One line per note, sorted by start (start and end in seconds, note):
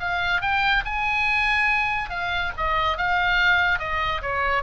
0.00 0.41 F5
0.41 0.84 G5
0.85 2.10 G#5
2.10 2.52 F5
2.57 2.97 D#5
2.97 3.79 F5
3.79 4.21 D#5
4.22 4.63 C#5